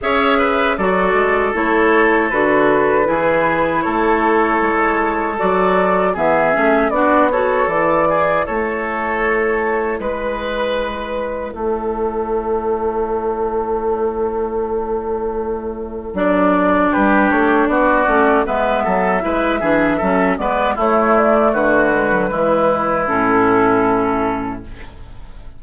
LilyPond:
<<
  \new Staff \with { instrumentName = "flute" } { \time 4/4 \tempo 4 = 78 e''4 d''4 cis''4 b'4~ | b'4 cis''2 d''4 | e''4 d''8 cis''8 d''4 cis''4~ | cis''4 b'2 cis''4~ |
cis''1~ | cis''4 d''4 b'8 cis''8 d''4 | e''2~ e''8 d''8 cis''8 d''8 | b'2 a'2 | }
  \new Staff \with { instrumentName = "oboe" } { \time 4/4 cis''8 b'8 a'2. | gis'4 a'2. | gis'4 fis'8 a'4 gis'8 a'4~ | a'4 b'2 a'4~ |
a'1~ | a'2 g'4 fis'4 | b'8 a'8 b'8 gis'8 a'8 b'8 e'4 | fis'4 e'2. | }
  \new Staff \with { instrumentName = "clarinet" } { \time 4/4 gis'4 fis'4 e'4 fis'4 | e'2. fis'4 | b8 cis'8 d'8 fis'8 e'2~ | e'1~ |
e'1~ | e'4 d'2~ d'8 cis'8 | b4 e'8 d'8 cis'8 b8 a4~ | a8 gis16 fis16 gis4 cis'2 | }
  \new Staff \with { instrumentName = "bassoon" } { \time 4/4 cis'4 fis8 gis8 a4 d4 | e4 a4 gis4 fis4 | e8 a8 b4 e4 a4~ | a4 gis2 a4~ |
a1~ | a4 fis4 g8 a8 b8 a8 | gis8 fis8 gis8 e8 fis8 gis8 a4 | d4 e4 a,2 | }
>>